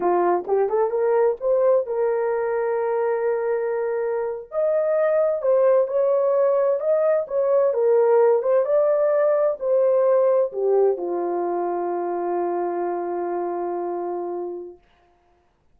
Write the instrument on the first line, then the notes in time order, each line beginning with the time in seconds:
horn
0.00 F4
0.47 G4
0.69 A4
0.90 A#4
1.40 C5
1.86 A#4
4.51 D#5
5.41 C5
5.87 C#5
6.80 D#5
7.27 C#5
7.73 A#4
8.42 C5
8.65 D5
9.59 C5
10.52 G4
10.97 F4